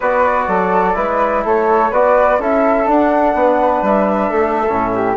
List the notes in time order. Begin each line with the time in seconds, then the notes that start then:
0.00 B3 F#4 B4 D5
0.47 F#3 A4
0.94 G#3 E4 B4
1.44 A3 A4 C#5
1.90 B3 F#4 B4 D5
2.39 C#4 E4 A4 E5
2.85 D4 F#5
3.34 B3 B4
3.81 G3 E5
4.29 A3 A4
4.69 A2 C#4
4.95 G4